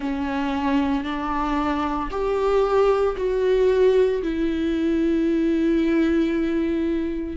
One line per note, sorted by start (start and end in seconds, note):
0.00 1.04 C#4
1.04 2.09 D4
2.11 3.16 G4
3.16 4.22 F#4
4.22 7.36 E4